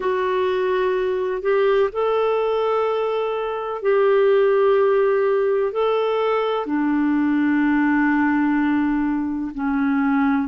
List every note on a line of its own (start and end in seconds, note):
0.00 1.42 F#4
1.42 1.89 G4
1.92 3.81 A4
3.81 5.72 G4
5.72 6.65 A4
6.65 9.51 D4
9.54 10.48 C#4